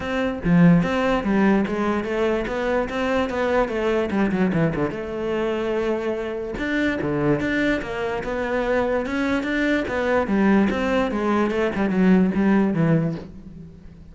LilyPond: \new Staff \with { instrumentName = "cello" } { \time 4/4 \tempo 4 = 146 c'4 f4 c'4 g4 | gis4 a4 b4 c'4 | b4 a4 g8 fis8 e8 d8 | a1 |
d'4 d4 d'4 ais4 | b2 cis'4 d'4 | b4 g4 c'4 gis4 | a8 g8 fis4 g4 e4 | }